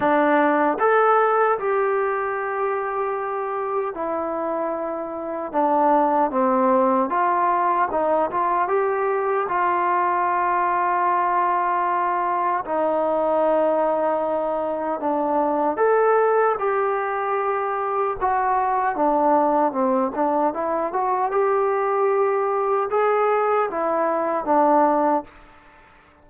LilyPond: \new Staff \with { instrumentName = "trombone" } { \time 4/4 \tempo 4 = 76 d'4 a'4 g'2~ | g'4 e'2 d'4 | c'4 f'4 dis'8 f'8 g'4 | f'1 |
dis'2. d'4 | a'4 g'2 fis'4 | d'4 c'8 d'8 e'8 fis'8 g'4~ | g'4 gis'4 e'4 d'4 | }